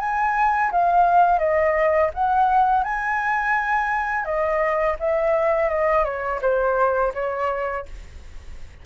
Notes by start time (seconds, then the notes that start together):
0.00 G#5
0.72 F5
1.39 D#5
2.15 F#5
2.84 G#5
4.25 D#5
5.00 E5
5.70 D#5
6.05 C#5
6.42 C5
7.15 C#5